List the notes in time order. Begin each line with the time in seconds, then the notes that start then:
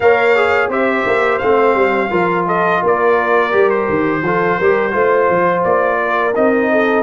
0.00 A#3 A#4 C#5 F5
0.35 G#4
0.68 C4 G4 C5 E5
1.06 A#3
1.38 A3 C4 F5
1.75 G3
2.10 F3 F4 A#4
2.46 A4 D#5
2.82 A#3 A#4 D5
3.51 G3 G4
3.69 C5
3.89 D#3
4.22 F3 F4 A4
4.58 G3 G4 A#4
4.91 A3 F4 C5
5.29 F3
5.64 A#3 D5
6.01 A#4
6.35 C4 D#4 D#5
6.71 A4